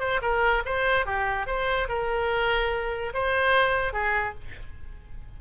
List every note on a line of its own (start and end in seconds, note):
0.00 0.21 C5
0.22 0.63 A#4
0.65 1.06 C5
1.06 1.47 G4
1.47 1.88 C5
1.89 3.13 A#4
3.14 3.93 C5
3.93 4.34 G#4